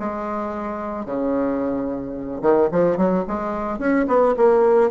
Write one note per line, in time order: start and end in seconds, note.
0.00 1.06 G#3
1.06 2.42 C#3
2.43 2.70 D#3
2.72 2.98 F3
2.98 3.25 F#3
3.28 3.79 G#3
3.79 4.06 C#4
4.08 4.35 B3
4.37 4.91 A#3